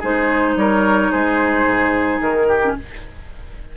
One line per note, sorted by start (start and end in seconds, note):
0.00 0.56 G#3
0.00 2.62 D#4
0.00 0.55 G#4
0.00 0.58 C5
0.56 1.11 G3
0.56 1.12 A#4
0.56 1.12 C#5
1.12 1.66 G#3
1.12 2.48 G#4
1.12 2.21 C5
1.66 2.20 G#2
2.21 2.76 D#3
2.21 2.76 A#4
2.48 2.75 G4
2.63 2.77 C#4